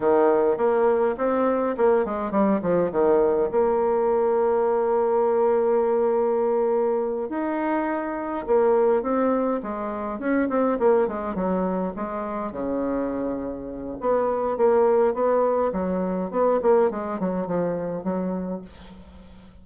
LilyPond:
\new Staff \with { instrumentName = "bassoon" } { \time 4/4 \tempo 4 = 103 dis4 ais4 c'4 ais8 gis8 | g8 f8 dis4 ais2~ | ais1~ | ais8 dis'2 ais4 c'8~ |
c'8 gis4 cis'8 c'8 ais8 gis8 fis8~ | fis8 gis4 cis2~ cis8 | b4 ais4 b4 fis4 | b8 ais8 gis8 fis8 f4 fis4 | }